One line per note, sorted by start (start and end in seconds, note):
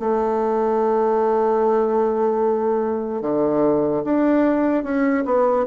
0.00 3.22 A3
3.22 4.03 D3
4.05 4.84 D4
4.84 5.24 C#4
5.26 5.66 B3